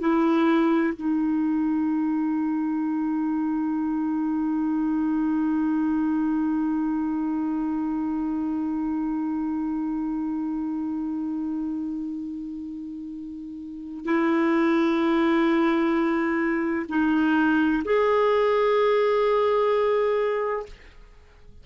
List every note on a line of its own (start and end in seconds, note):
0.00 0.94 E4
0.96 14.05 D#4
14.05 16.87 E4
16.90 17.83 D#4
17.85 20.66 G#4